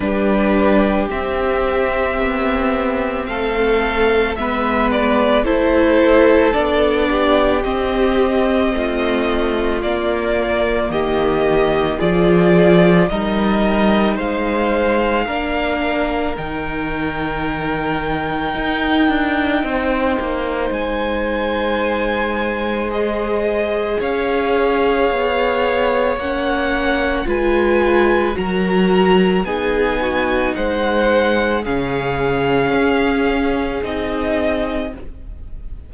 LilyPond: <<
  \new Staff \with { instrumentName = "violin" } { \time 4/4 \tempo 4 = 55 b'4 e''2 f''4 | e''8 d''8 c''4 d''4 dis''4~ | dis''4 d''4 dis''4 d''4 | dis''4 f''2 g''4~ |
g''2. gis''4~ | gis''4 dis''4 f''2 | fis''4 gis''4 ais''4 gis''4 | fis''4 f''2 dis''4 | }
  \new Staff \with { instrumentName = "violin" } { \time 4/4 g'2. a'4 | b'4 a'4. g'4. | f'2 g'4 gis'4 | ais'4 c''4 ais'2~ |
ais'2 c''2~ | c''2 cis''2~ | cis''4 b'4 ais'4 gis'8 fis'8 | c''4 gis'2. | }
  \new Staff \with { instrumentName = "viola" } { \time 4/4 d'4 c'2. | b4 e'4 d'4 c'4~ | c'4 ais2 f'4 | dis'2 d'4 dis'4~ |
dis'1~ | dis'4 gis'2. | cis'4 f'4 fis'4 dis'4~ | dis'4 cis'2 dis'4 | }
  \new Staff \with { instrumentName = "cello" } { \time 4/4 g4 c'4 b4 a4 | gis4 a4 b4 c'4 | a4 ais4 dis4 f4 | g4 gis4 ais4 dis4~ |
dis4 dis'8 d'8 c'8 ais8 gis4~ | gis2 cis'4 b4 | ais4 gis4 fis4 b4 | gis4 cis4 cis'4 c'4 | }
>>